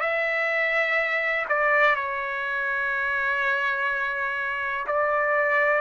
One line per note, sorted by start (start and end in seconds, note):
0.00 1.45 E5
1.49 1.95 D5
1.95 4.86 C#5
4.86 5.81 D5